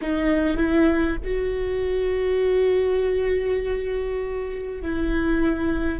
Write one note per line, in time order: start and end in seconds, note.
0.01 0.56 D#4
0.56 1.16 E4
1.24 4.82 F#4
4.82 6.00 E4